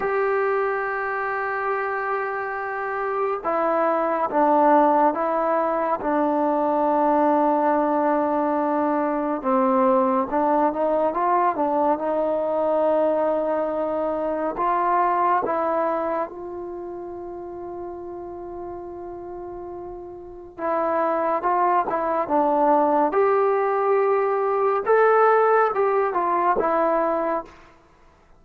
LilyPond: \new Staff \with { instrumentName = "trombone" } { \time 4/4 \tempo 4 = 70 g'1 | e'4 d'4 e'4 d'4~ | d'2. c'4 | d'8 dis'8 f'8 d'8 dis'2~ |
dis'4 f'4 e'4 f'4~ | f'1 | e'4 f'8 e'8 d'4 g'4~ | g'4 a'4 g'8 f'8 e'4 | }